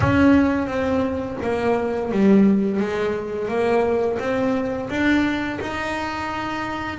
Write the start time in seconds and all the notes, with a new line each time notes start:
0.00 C#4
0.67 C4
1.42 A#3
2.11 G3
2.79 G#3
3.48 A#3
4.19 C4
4.89 D4
5.60 D#4